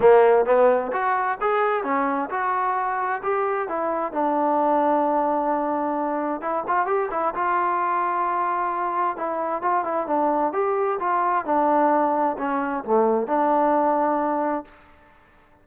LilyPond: \new Staff \with { instrumentName = "trombone" } { \time 4/4 \tempo 4 = 131 ais4 b4 fis'4 gis'4 | cis'4 fis'2 g'4 | e'4 d'2.~ | d'2 e'8 f'8 g'8 e'8 |
f'1 | e'4 f'8 e'8 d'4 g'4 | f'4 d'2 cis'4 | a4 d'2. | }